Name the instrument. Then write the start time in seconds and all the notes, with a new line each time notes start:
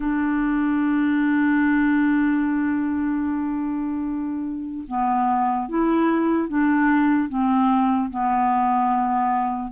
clarinet
0.00 D4
4.87 B3
5.68 E4
6.48 D4
7.28 C4
8.10 B3